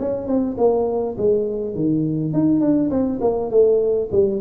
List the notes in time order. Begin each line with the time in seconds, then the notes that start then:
0.00 C#4
0.27 C4
0.58 A#3
1.18 G#3
1.75 D#3
2.33 D#4
2.61 D4
2.90 C4
3.21 A#3
3.51 A3
4.12 G3